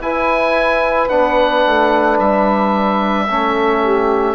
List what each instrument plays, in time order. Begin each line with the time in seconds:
0.00 bassoon E4, trombone E4, saxophone B4, oboe G#5
1.09 bassoon B3, trombone D4, oboe F#5
1.66 bassoon A3
2.19 bassoon G3, oboe E5
3.26 bassoon A3, trombone C#4, saxophone A4
3.81 saxophone G4